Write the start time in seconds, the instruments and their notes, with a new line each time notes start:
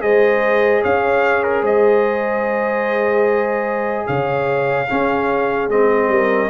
0.00 tuba G#3, trombone G#4, horn C5, trumpet D#5
0.82 tuba C#4, horn C#5, trumpet F5
1.43 trumpet A#4
1.62 tuba G#3, horn C5, trumpet D#5
4.06 tuba C#3, horn C#5, trumpet F5
4.89 trombone C#4, tuba C#4, horn G#4
5.69 tuba G#3, trombone C4, trumpet D#5
6.08 tuba G3, horn A#4